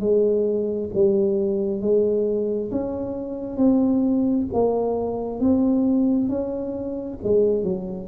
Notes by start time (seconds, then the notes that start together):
0.00 G#3
0.94 G3
1.81 G#3
2.71 C#4
3.57 C4
4.53 A#3
5.40 C4
6.29 C#4
7.23 G#3
7.63 F#3